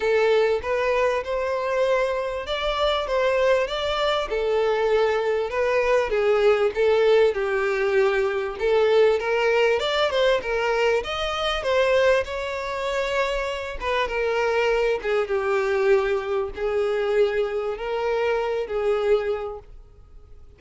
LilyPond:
\new Staff \with { instrumentName = "violin" } { \time 4/4 \tempo 4 = 98 a'4 b'4 c''2 | d''4 c''4 d''4 a'4~ | a'4 b'4 gis'4 a'4 | g'2 a'4 ais'4 |
d''8 c''8 ais'4 dis''4 c''4 | cis''2~ cis''8 b'8 ais'4~ | ais'8 gis'8 g'2 gis'4~ | gis'4 ais'4. gis'4. | }